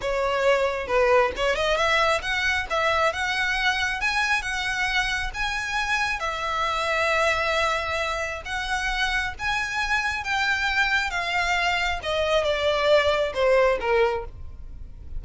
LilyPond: \new Staff \with { instrumentName = "violin" } { \time 4/4 \tempo 4 = 135 cis''2 b'4 cis''8 dis''8 | e''4 fis''4 e''4 fis''4~ | fis''4 gis''4 fis''2 | gis''2 e''2~ |
e''2. fis''4~ | fis''4 gis''2 g''4~ | g''4 f''2 dis''4 | d''2 c''4 ais'4 | }